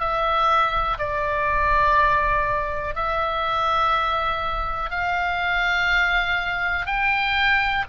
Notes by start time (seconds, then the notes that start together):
0.00 E5
0.98 D5
2.95 E5
4.91 F5
6.86 G5